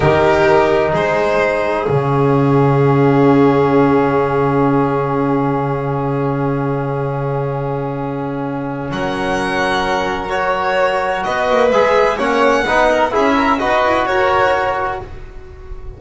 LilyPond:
<<
  \new Staff \with { instrumentName = "violin" } { \time 4/4 \tempo 4 = 128 ais'2 c''2 | f''1~ | f''1~ | f''1~ |
f''2. fis''4~ | fis''2 cis''2 | dis''4 e''4 fis''2 | e''4 dis''4 cis''2 | }
  \new Staff \with { instrumentName = "violin" } { \time 4/4 g'2 gis'2~ | gis'1~ | gis'1~ | gis'1~ |
gis'2. ais'4~ | ais'1 | b'2 cis''4 b'8 ais'8 | gis'8 ais'8 b'4 ais'2 | }
  \new Staff \with { instrumentName = "trombone" } { \time 4/4 dis'1 | cis'1~ | cis'1~ | cis'1~ |
cis'1~ | cis'2 fis'2~ | fis'4 gis'4 cis'4 dis'4 | e'4 fis'2. | }
  \new Staff \with { instrumentName = "double bass" } { \time 4/4 dis2 gis2 | cis1~ | cis1~ | cis1~ |
cis2. fis4~ | fis1 | b8 ais8 gis4 ais4 b4 | cis'4 dis'8 e'8 fis'2 | }
>>